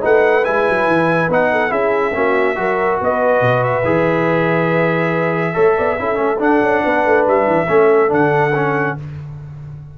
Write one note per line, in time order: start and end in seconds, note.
0.00 0.47 A3
0.00 0.43 D#4
0.00 1.51 B4
0.00 0.44 F#5
0.44 0.69 G#3
0.44 1.29 E4
0.44 1.29 G#5
0.69 0.87 F#3
0.87 1.29 E3
1.29 1.71 B3
1.29 1.69 D#4
1.29 1.72 F#5
1.52 1.71 A4
1.69 2.14 C#4
1.69 2.11 E4
1.69 2.14 G#4
1.69 2.99 E5
2.14 2.57 A#3
2.14 2.55 C#4
2.14 2.57 F#4
2.55 3.00 F#3
2.55 3.83 F#4
2.55 3.01 A#4
3.00 3.41 B3
3.00 5.54 B4
3.00 3.63 D#5
3.41 3.83 B2
3.63 6.40 E5
3.84 5.55 E3
3.84 5.53 G#4
5.53 5.78 A3
5.53 5.96 A4
5.53 5.75 C#5
5.77 5.99 B3
5.77 5.98 D5
5.98 6.18 C#4
5.98 6.14 E4
5.98 6.83 A4
6.14 6.39 A3
6.14 6.36 C#4
6.39 7.66 D4
6.39 6.61 D4
6.39 7.26 F#5
6.61 6.82 C#4
6.83 7.05 B3
6.83 7.68 B4
7.05 7.27 A3
7.27 7.46 G3
7.27 8.12 E5
7.46 7.68 E3
7.68 8.11 A3
7.68 8.08 C#4
7.68 8.98 A4
8.08 8.96 D3
8.08 8.50 D4
8.08 8.98 F#5
8.55 8.97 C#4